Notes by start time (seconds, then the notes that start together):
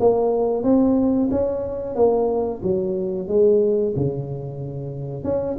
0.00 A#3
0.63 C4
1.31 C#4
1.95 A#3
2.63 F#3
3.28 G#3
3.97 C#3
5.24 C#4